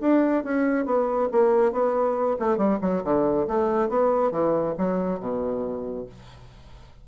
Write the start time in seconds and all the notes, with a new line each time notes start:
0.00 D4
0.43 C#4
0.85 B3
1.32 A#3
1.72 B3
2.39 A3
2.57 G3
2.81 F#3
3.03 D3
3.47 A3
3.89 B3
4.31 E3
4.77 F#3
5.20 B2